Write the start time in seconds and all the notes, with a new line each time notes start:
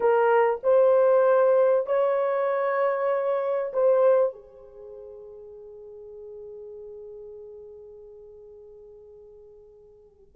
0.00 A#4
0.63 C5
1.86 C#5
3.73 C5
4.32 G#4